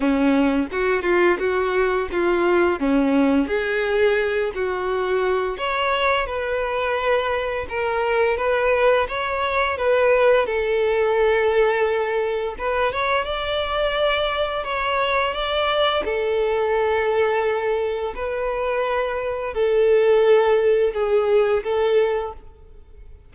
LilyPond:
\new Staff \with { instrumentName = "violin" } { \time 4/4 \tempo 4 = 86 cis'4 fis'8 f'8 fis'4 f'4 | cis'4 gis'4. fis'4. | cis''4 b'2 ais'4 | b'4 cis''4 b'4 a'4~ |
a'2 b'8 cis''8 d''4~ | d''4 cis''4 d''4 a'4~ | a'2 b'2 | a'2 gis'4 a'4 | }